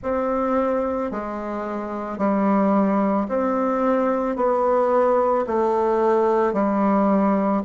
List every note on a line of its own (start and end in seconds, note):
0.02 1.11 C4
1.11 2.18 G#3
2.18 3.27 G3
3.28 4.36 C4
4.36 5.45 B3
5.46 6.53 A3
6.53 7.62 G3